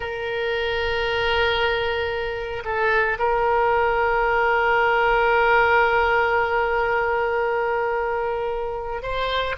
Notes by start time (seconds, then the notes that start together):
0.00 A#4
2.64 A4
3.18 A#4
9.02 C5